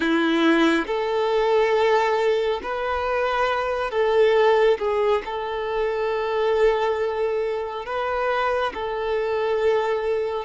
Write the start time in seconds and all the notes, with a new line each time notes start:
0.00 E4
0.87 A4
2.62 B4
3.91 A4
4.78 G#4
5.25 A4
7.85 B4
8.74 A4